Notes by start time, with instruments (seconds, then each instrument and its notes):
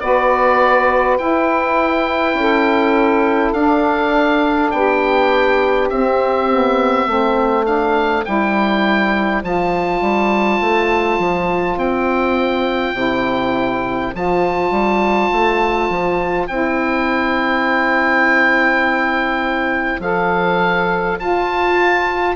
0.00 bassoon B3, saxophone F#4 B4, oboe D5
1.18 bassoon E4, saxophone E4, oboe G5
2.34 bassoon C#4, saxophone A4
3.53 bassoon D4, saxophone D4, oboe F5
4.71 bassoon B3, saxophone G4, oboe G5
5.89 bassoon C4, saxophone C4, oboe E5
6.50 saxophone B3
7.07 bassoon A3, saxophone C4 C5
7.65 saxophone D4, oboe F5
8.25 bassoon G3, saxophone E4, oboe G5
9.43 bassoon F3, saxophone F4, oboe A5
10.01 bassoon G3
10.60 bassoon A3
11.18 bassoon F3
11.76 bassoon C4, oboe G5
12.94 bassoon C3, saxophone E4
14.13 bassoon F3, saxophone F4, oboe A5
14.71 bassoon G3
15.32 bassoon A3
15.89 bassoon F3
16.47 bassoon C4, saxophone E4, oboe G5
20.00 bassoon F3, saxophone A4, oboe F5
21.19 saxophone F4, bassoon F4, oboe A5